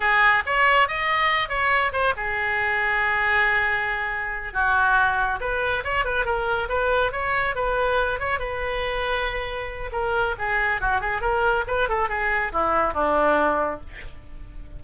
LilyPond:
\new Staff \with { instrumentName = "oboe" } { \time 4/4 \tempo 4 = 139 gis'4 cis''4 dis''4. cis''8~ | cis''8 c''8 gis'2.~ | gis'2~ gis'8 fis'4.~ | fis'8 b'4 cis''8 b'8 ais'4 b'8~ |
b'8 cis''4 b'4. cis''8 b'8~ | b'2. ais'4 | gis'4 fis'8 gis'8 ais'4 b'8 a'8 | gis'4 e'4 d'2 | }